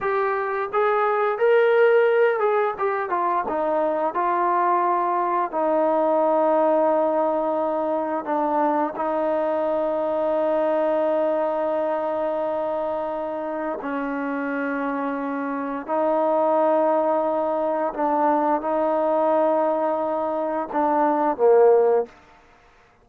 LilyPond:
\new Staff \with { instrumentName = "trombone" } { \time 4/4 \tempo 4 = 87 g'4 gis'4 ais'4. gis'8 | g'8 f'8 dis'4 f'2 | dis'1 | d'4 dis'2.~ |
dis'1 | cis'2. dis'4~ | dis'2 d'4 dis'4~ | dis'2 d'4 ais4 | }